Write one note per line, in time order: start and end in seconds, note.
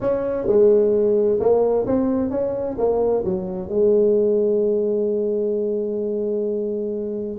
0.00 0.47 C#4
0.47 1.39 G#3
1.40 1.86 A#3
1.86 2.30 C4
2.30 2.76 C#4
2.77 3.23 A#3
3.24 3.68 F#3
3.68 7.38 G#3